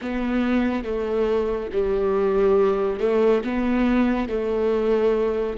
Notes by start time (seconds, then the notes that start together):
0.01 B3
0.84 A3
1.72 G3
2.99 A3
3.44 B3
4.29 A3